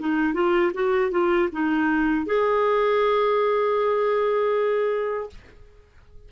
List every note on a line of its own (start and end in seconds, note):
0.00 0.34 D#4
0.34 0.72 F4
0.74 1.12 F#4
1.12 1.49 F4
1.53 2.26 D#4
2.26 5.30 G#4